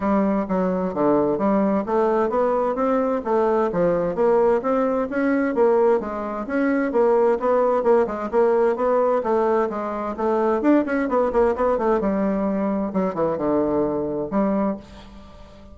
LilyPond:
\new Staff \with { instrumentName = "bassoon" } { \time 4/4 \tempo 4 = 130 g4 fis4 d4 g4 | a4 b4 c'4 a4 | f4 ais4 c'4 cis'4 | ais4 gis4 cis'4 ais4 |
b4 ais8 gis8 ais4 b4 | a4 gis4 a4 d'8 cis'8 | b8 ais8 b8 a8 g2 | fis8 e8 d2 g4 | }